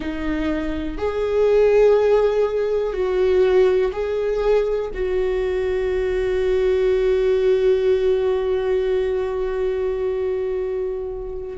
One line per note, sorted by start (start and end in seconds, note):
0.00 0.97 D#4
0.97 2.93 G#4
2.93 3.91 F#4
3.92 4.90 G#4
4.94 11.58 F#4